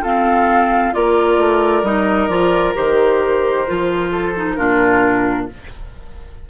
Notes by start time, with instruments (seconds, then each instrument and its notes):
0.00 clarinet C4, bassoon F4, oboe A4, flute F5
0.93 bassoon A#3, clarinet F4, oboe A#4, flute D5
1.37 bassoon A3
1.82 bassoon G3, clarinet D#4, flute D#5
2.27 bassoon F3, clarinet F4, flute D5
2.75 bassoon D#3, clarinet G4, flute C5
3.67 bassoon F3, clarinet F4
4.11 oboe A4
4.36 clarinet D#4
4.54 bassoon A#2, clarinet D4, oboe F4, flute A#4